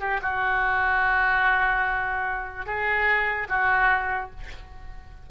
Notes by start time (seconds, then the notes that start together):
0.00 G4
0.22 F#4
2.66 G#4
3.49 F#4